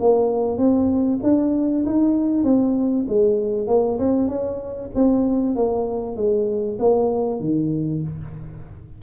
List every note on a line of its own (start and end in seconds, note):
0.00 0.58 A#3
0.58 1.20 C4
1.23 1.85 D4
1.86 2.44 D#4
2.44 3.06 C4
3.08 3.68 G#3
3.68 3.99 A#3
3.99 4.28 C4
4.28 4.90 C#4
4.95 5.56 C4
5.56 6.16 A#3
6.16 6.78 G#3
6.79 7.40 A#3
7.40 8.02 D#3